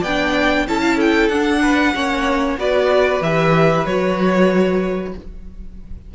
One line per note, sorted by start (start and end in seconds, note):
0.00 0.67 B3
0.00 0.64 D5
0.00 0.67 G5
0.07 0.67 D4
0.67 1.29 C#4
0.67 1.31 E4
0.67 0.81 A4
0.67 0.99 A5
0.81 0.95 F5
0.95 1.59 A4
0.95 1.28 G5
1.28 1.92 D4
1.28 1.95 D4
1.28 2.56 F#5
1.62 1.94 B4
1.95 2.57 A#3
1.95 2.58 C#4
1.95 2.59 C#5
2.57 3.20 B3
2.57 3.22 F#4
2.57 5.14 B4
2.57 3.22 D5
3.20 3.84 E3
3.20 3.87 G4
3.20 3.86 E5
3.86 5.13 F#3
3.86 5.14 F#4
3.86 5.13 C#5